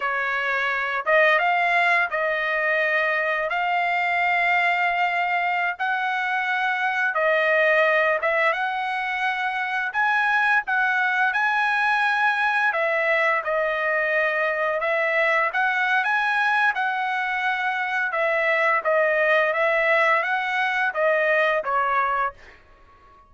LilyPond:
\new Staff \with { instrumentName = "trumpet" } { \time 4/4 \tempo 4 = 86 cis''4. dis''8 f''4 dis''4~ | dis''4 f''2.~ | f''16 fis''2 dis''4. e''16~ | e''16 fis''2 gis''4 fis''8.~ |
fis''16 gis''2 e''4 dis''8.~ | dis''4~ dis''16 e''4 fis''8. gis''4 | fis''2 e''4 dis''4 | e''4 fis''4 dis''4 cis''4 | }